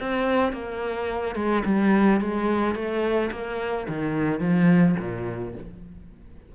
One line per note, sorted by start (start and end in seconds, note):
0.00 0.53 C4
0.53 1.35 A#3
1.35 1.63 G#3
1.65 2.21 G3
2.21 2.75 G#3
2.75 3.31 A3
3.32 3.87 A#3
3.88 4.40 D#3
4.40 4.96 F3
4.99 5.55 A#2